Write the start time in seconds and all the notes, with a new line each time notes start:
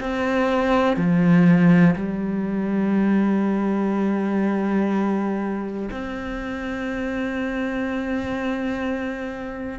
0.00 C4
0.97 F3
1.96 G3
5.91 C4